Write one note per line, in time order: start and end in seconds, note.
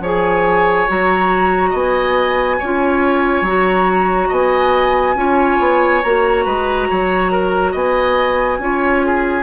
0.00 0.86 F3
0.00 0.88 G#4
0.00 1.70 C#5
0.00 0.89 G#5
0.88 1.73 F#3
0.88 2.60 F#4
0.88 1.76 A#5
1.70 2.59 B3
1.70 2.56 D#5
1.70 3.47 G#5
2.59 3.42 C#4
2.59 3.46 F4
2.59 4.29 C#5
3.42 4.28 F#3
3.42 5.16 F#4
3.48 4.33 A#5
4.29 5.15 B3
4.29 5.14 D#5
4.29 6.02 G#5
5.15 5.58 C#4
5.15 6.02 F4
5.15 6.45 C#5
5.60 6.03 B3
6.02 6.46 A#3
6.02 8.61 F#4
6.02 7.74 A#5
6.45 6.89 G#3
6.45 6.88 B4
6.90 7.74 F#3
6.90 7.32 C#5
7.32 7.72 A#4
7.72 8.59 B3
7.72 8.57 D#5
7.72 9.43 G#5
8.59 9.43 C#4
8.59 9.43 F4
8.59 9.06 C#5
9.06 9.43 G#4